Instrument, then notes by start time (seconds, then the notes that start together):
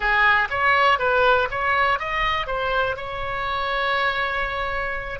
oboe
0.00 G#4
0.50 C#5
0.98 B4
1.50 C#5
1.99 D#5
2.47 C5
2.96 C#5